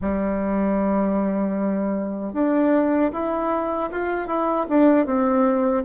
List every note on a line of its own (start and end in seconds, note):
0.01 2.33 G3
2.33 3.11 D4
3.12 3.90 E4
3.91 4.26 F4
4.26 4.65 E4
4.69 5.06 D4
5.06 5.84 C4